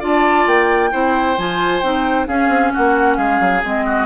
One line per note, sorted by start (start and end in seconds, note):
0.00 0.47 D4
0.00 0.91 F4
0.00 0.90 D5
0.00 0.48 A5
0.47 0.92 A#3
0.47 1.38 G5
0.92 1.38 C4
0.92 1.37 E4
0.92 2.28 C5
1.38 1.83 F3
1.38 1.83 F4
1.38 1.81 G#5
1.81 2.28 C4
1.81 2.27 D#4
1.81 2.26 G5
2.27 3.62 C#4
2.27 2.49 C#4
2.27 2.73 G#4
2.27 2.73 F5
2.49 2.71 C4
2.74 3.18 A#3
2.74 3.18 F#4
2.74 3.17 F#5
3.17 3.40 G#3
3.17 3.85 G#4
3.17 3.62 F5
3.40 3.63 F#3
3.64 4.07 G#3
3.64 4.07 C4
3.64 4.07 D#5
3.86 4.07 F#4